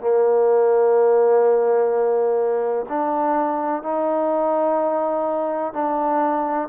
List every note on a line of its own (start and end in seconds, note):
0.00 2.86 A#3
2.89 3.83 D4
3.83 5.73 D#4
5.73 6.68 D4